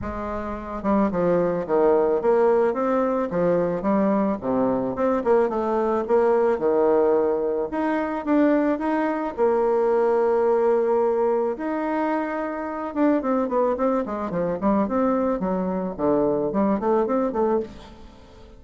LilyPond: \new Staff \with { instrumentName = "bassoon" } { \time 4/4 \tempo 4 = 109 gis4. g8 f4 dis4 | ais4 c'4 f4 g4 | c4 c'8 ais8 a4 ais4 | dis2 dis'4 d'4 |
dis'4 ais2.~ | ais4 dis'2~ dis'8 d'8 | c'8 b8 c'8 gis8 f8 g8 c'4 | fis4 d4 g8 a8 c'8 a8 | }